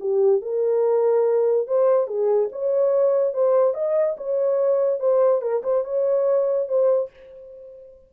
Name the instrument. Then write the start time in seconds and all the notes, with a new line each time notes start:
horn
0.00 G4
0.42 A#4
1.67 C5
2.08 G#4
2.52 C#5
3.34 C5
3.74 D#5
4.17 C#5
5.00 C5
5.42 A#4
5.63 C5
5.85 C#5
6.68 C5